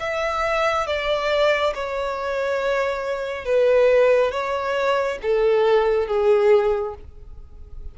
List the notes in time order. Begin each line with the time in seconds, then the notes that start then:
0.00 E5
0.87 D5
1.74 C#5
3.45 B4
4.31 C#5
5.22 A4
6.08 G#4